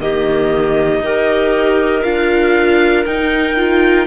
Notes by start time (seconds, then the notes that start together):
0.00 D#3 A#3 G4 D#5
1.01 D#4 G4 A#4
2.03 D4 F4 F5
3.06 D#4 G5
3.57 F4